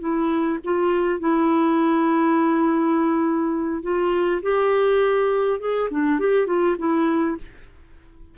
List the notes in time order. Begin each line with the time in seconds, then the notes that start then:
0.00 E4
0.64 F4
1.20 E4
3.83 F4
4.42 G4
5.60 G#4
5.91 D4
6.19 G4
6.47 F4
6.78 E4